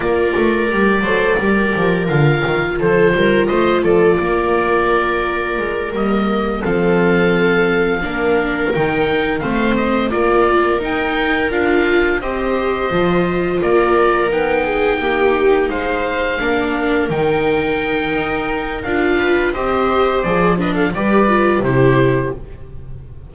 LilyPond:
<<
  \new Staff \with { instrumentName = "oboe" } { \time 4/4 \tempo 4 = 86 d''2. f''4 | c''4 dis''8 d''2~ d''8~ | d''8 dis''4 f''2~ f''8~ | f''8 g''4 f''8 dis''8 d''4 g''8~ |
g''8 f''4 dis''2 d''8~ | d''8 g''2 f''4.~ | f''8 g''2~ g''8 f''4 | dis''4 d''8 dis''16 f''16 d''4 c''4 | }
  \new Staff \with { instrumentName = "viola" } { \time 4/4 ais'4. c''8 ais'2 | a'8 ais'8 c''8 a'8 ais'2~ | ais'4. a'2 ais'8~ | ais'4. c''4 ais'4.~ |
ais'4. c''2 ais'8~ | ais'4 gis'8 g'4 c''4 ais'8~ | ais'2.~ ais'8 b'8 | c''4. b'16 a'16 b'4 g'4 | }
  \new Staff \with { instrumentName = "viola" } { \time 4/4 f'4 g'8 a'8 g'4 f'4~ | f'1~ | f'8 ais4 c'2 d'8~ | d'8 dis'4 c'4 f'4 dis'8~ |
dis'8 f'4 g'4 f'4.~ | f'8 dis'2. d'8~ | d'8 dis'2~ dis'8 f'4 | g'4 gis'8 d'8 g'8 f'8 e'4 | }
  \new Staff \with { instrumentName = "double bass" } { \time 4/4 ais8 a8 g8 fis8 g8 f8 d8 dis8 | f8 g8 a8 f8 ais2 | gis8 g4 f2 ais8~ | ais8 dis4 a4 ais4 dis'8~ |
dis'8 d'4 c'4 f4 ais8~ | ais8 b4 ais4 gis4 ais8~ | ais8 dis4. dis'4 d'4 | c'4 f4 g4 c4 | }
>>